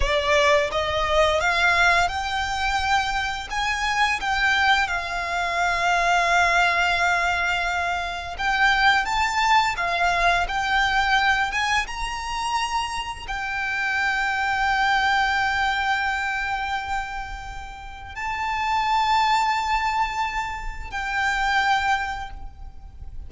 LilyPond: \new Staff \with { instrumentName = "violin" } { \time 4/4 \tempo 4 = 86 d''4 dis''4 f''4 g''4~ | g''4 gis''4 g''4 f''4~ | f''1 | g''4 a''4 f''4 g''4~ |
g''8 gis''8 ais''2 g''4~ | g''1~ | g''2 a''2~ | a''2 g''2 | }